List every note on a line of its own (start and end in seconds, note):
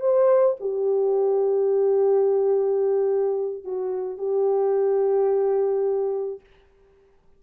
0.00 0.56 C5
0.60 3.64 G4
3.64 4.18 F#4
4.18 6.40 G4